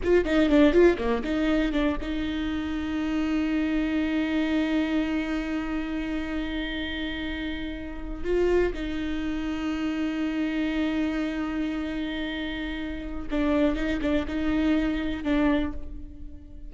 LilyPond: \new Staff \with { instrumentName = "viola" } { \time 4/4 \tempo 4 = 122 f'8 dis'8 d'8 f'8 ais8 dis'4 d'8 | dis'1~ | dis'1~ | dis'1~ |
dis'8. f'4 dis'2~ dis'16~ | dis'1~ | dis'2. d'4 | dis'8 d'8 dis'2 d'4 | }